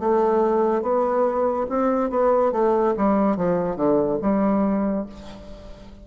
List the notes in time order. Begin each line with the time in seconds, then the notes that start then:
0.00 A3
0.82 B3
1.70 C4
2.10 B3
2.52 A3
2.97 G3
3.37 F3
3.76 D3
4.22 G3